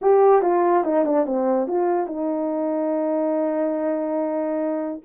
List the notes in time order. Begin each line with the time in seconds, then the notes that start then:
0.01 G4
0.42 F4
0.84 D#4
1.05 D4
1.25 C4
1.67 F4
2.07 D#4